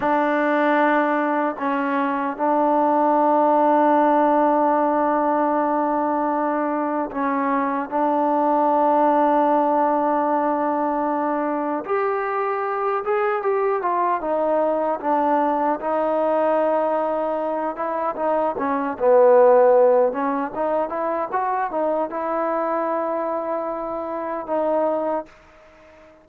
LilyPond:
\new Staff \with { instrumentName = "trombone" } { \time 4/4 \tempo 4 = 76 d'2 cis'4 d'4~ | d'1~ | d'4 cis'4 d'2~ | d'2. g'4~ |
g'8 gis'8 g'8 f'8 dis'4 d'4 | dis'2~ dis'8 e'8 dis'8 cis'8 | b4. cis'8 dis'8 e'8 fis'8 dis'8 | e'2. dis'4 | }